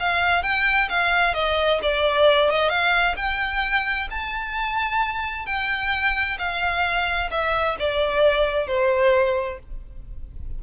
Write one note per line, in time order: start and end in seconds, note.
0.00 0.44 F5
0.44 0.89 G5
0.90 1.35 F5
1.35 1.80 D#5
1.83 2.50 D5
2.50 2.70 D#5
2.70 3.16 F5
3.17 4.09 G5
4.11 5.47 A5
5.47 6.38 G5
6.39 7.31 F5
7.31 7.77 E5
7.80 8.68 D5
8.68 9.59 C5